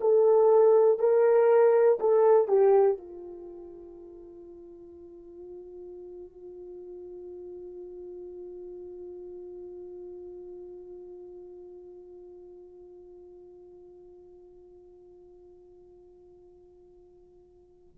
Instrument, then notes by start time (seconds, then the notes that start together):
horn
0.00 A4
0.99 A#4
1.99 A4
2.48 G4
2.97 F4